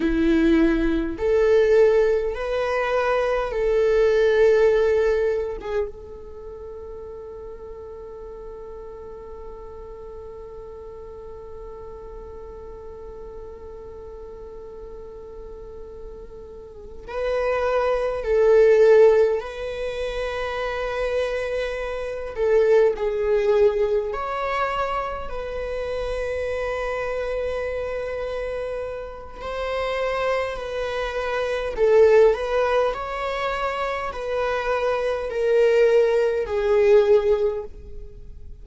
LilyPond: \new Staff \with { instrumentName = "viola" } { \time 4/4 \tempo 4 = 51 e'4 a'4 b'4 a'4~ | a'8. gis'16 a'2.~ | a'1~ | a'2~ a'8 b'4 a'8~ |
a'8 b'2~ b'8 a'8 gis'8~ | gis'8 cis''4 b'2~ b'8~ | b'4 c''4 b'4 a'8 b'8 | cis''4 b'4 ais'4 gis'4 | }